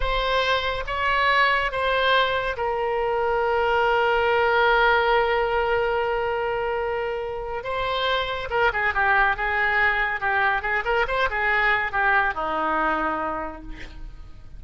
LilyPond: \new Staff \with { instrumentName = "oboe" } { \time 4/4 \tempo 4 = 141 c''2 cis''2 | c''2 ais'2~ | ais'1~ | ais'1~ |
ais'2 c''2 | ais'8 gis'8 g'4 gis'2 | g'4 gis'8 ais'8 c''8 gis'4. | g'4 dis'2. | }